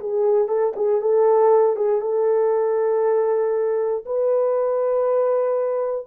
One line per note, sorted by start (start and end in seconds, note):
0.00 0.48 G#4
0.48 0.73 A4
0.76 1.01 G#4
1.01 1.76 A4
1.76 2.01 G#4
2.01 4.04 A4
4.06 6.06 B4